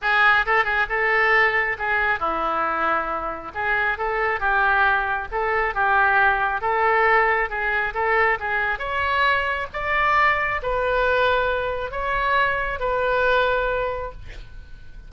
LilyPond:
\new Staff \with { instrumentName = "oboe" } { \time 4/4 \tempo 4 = 136 gis'4 a'8 gis'8 a'2 | gis'4 e'2. | gis'4 a'4 g'2 | a'4 g'2 a'4~ |
a'4 gis'4 a'4 gis'4 | cis''2 d''2 | b'2. cis''4~ | cis''4 b'2. | }